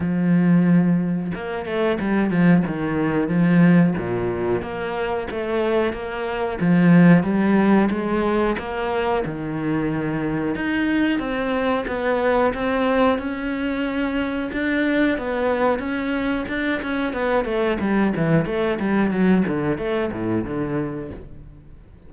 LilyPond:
\new Staff \with { instrumentName = "cello" } { \time 4/4 \tempo 4 = 91 f2 ais8 a8 g8 f8 | dis4 f4 ais,4 ais4 | a4 ais4 f4 g4 | gis4 ais4 dis2 |
dis'4 c'4 b4 c'4 | cis'2 d'4 b4 | cis'4 d'8 cis'8 b8 a8 g8 e8 | a8 g8 fis8 d8 a8 a,8 d4 | }